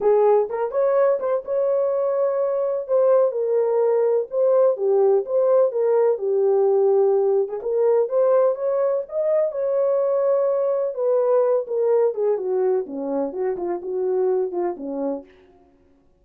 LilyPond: \new Staff \with { instrumentName = "horn" } { \time 4/4 \tempo 4 = 126 gis'4 ais'8 cis''4 c''8 cis''4~ | cis''2 c''4 ais'4~ | ais'4 c''4 g'4 c''4 | ais'4 g'2~ g'8. gis'16 |
ais'4 c''4 cis''4 dis''4 | cis''2. b'4~ | b'8 ais'4 gis'8 fis'4 cis'4 | fis'8 f'8 fis'4. f'8 cis'4 | }